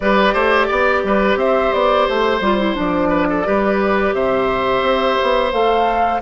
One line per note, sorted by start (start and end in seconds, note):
0.00 0.33 G3
0.00 2.42 G4
0.00 0.33 B4
0.00 1.37 D5
0.33 0.68 A3
0.33 0.66 C5
0.66 1.03 B3
0.66 1.01 D5
1.03 1.36 G3
1.03 1.38 B4
1.36 1.70 C4
1.36 3.09 C5
1.36 1.72 E5
1.73 2.07 B3
1.73 2.06 D5
2.06 2.40 A3
2.06 2.75 C5
2.40 2.75 G3
2.40 2.58 F4
2.58 2.75 E4
2.75 3.46 F3
2.75 3.44 D4
2.75 4.14 D5
3.09 3.26 B4
3.29 3.46 A4
3.44 4.13 G3
3.44 5.51 G4
3.44 4.14 B4
4.13 4.81 C3
4.13 6.21 C5
4.13 5.52 E5
4.81 5.16 C4
5.22 5.52 B3
5.52 6.21 A3
5.52 6.22 A4
5.52 6.21 F5